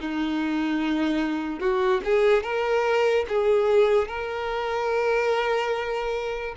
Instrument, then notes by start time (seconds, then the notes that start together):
violin
0.00 D#4
1.60 F#4
2.04 G#4
2.43 A#4
3.28 G#4
4.08 A#4